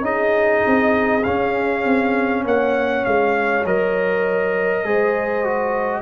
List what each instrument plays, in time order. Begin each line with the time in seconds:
0.00 tuba C#4, trombone D#4, horn G#4, trumpet D#5
0.66 tuba C4
1.23 trombone C#4, tuba C#4, trumpet F5
1.85 tuba C4
2.44 tuba A#3, horn C#5, trumpet F#5
3.04 tuba G#3, trumpet F5
3.64 tuba F#3, trombone A#4, trumpet D#5
4.84 tuba G#3, trombone G#4, horn C5
5.44 trombone F#4